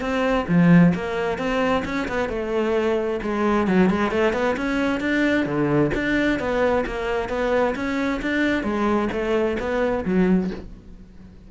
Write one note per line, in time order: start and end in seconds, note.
0.00 0.45 C4
0.48 0.93 F3
0.94 1.38 A#3
1.38 1.83 C4
1.85 2.07 C#4
2.08 2.29 B3
2.29 3.20 A3
3.22 3.67 G#3
3.67 3.89 F#3
3.89 4.11 G#3
4.11 4.33 A3
4.33 4.55 B3
4.56 5.00 C#4
5.00 5.45 D4
5.45 5.91 D3
5.94 6.39 D4
6.39 6.84 B3
6.86 7.29 A#3
7.29 7.74 B3
7.75 8.20 C#4
8.21 8.63 D4
8.63 9.08 G#3
9.12 9.57 A3
9.59 10.04 B3
10.05 10.50 F#3